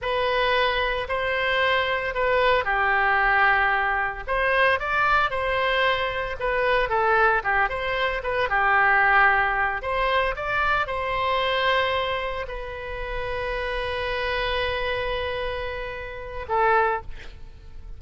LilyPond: \new Staff \with { instrumentName = "oboe" } { \time 4/4 \tempo 4 = 113 b'2 c''2 | b'4 g'2. | c''4 d''4 c''2 | b'4 a'4 g'8 c''4 b'8 |
g'2~ g'8 c''4 d''8~ | d''8 c''2. b'8~ | b'1~ | b'2. a'4 | }